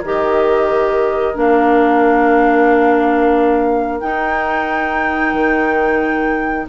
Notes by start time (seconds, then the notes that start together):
0.00 D#3 G4 A#4 D#5
1.34 A#3 D4 F5
4.00 D#4 G5
5.33 D#3